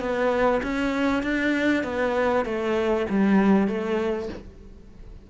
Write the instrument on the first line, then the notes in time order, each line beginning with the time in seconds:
cello
0.00 B3
0.63 C#4
1.23 D4
1.84 B3
2.45 A3
3.10 G3
3.68 A3